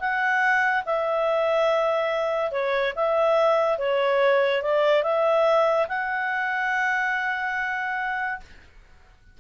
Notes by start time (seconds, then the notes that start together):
0.00 F#5
0.86 E5
2.52 C#5
2.96 E5
3.79 C#5
4.63 D5
5.03 E5
5.89 F#5